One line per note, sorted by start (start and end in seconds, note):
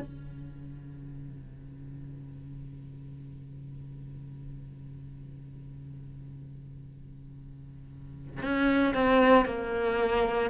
0.00 8.42 C#3
8.43 8.94 C#4
8.94 9.45 C4
9.45 10.50 A#3